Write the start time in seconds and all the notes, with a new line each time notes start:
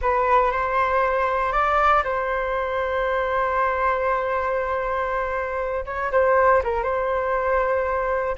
0.01 B4
0.51 C5
1.52 D5
2.03 C5
5.85 C#5
6.11 C5
6.63 A#4
6.83 C5